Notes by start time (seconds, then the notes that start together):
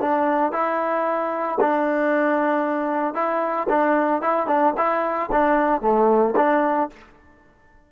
0.00 D4
0.52 E4
1.60 D4
3.14 E4
3.69 D4
4.22 E4
4.47 D4
4.77 E4
5.31 D4
5.81 A3
6.36 D4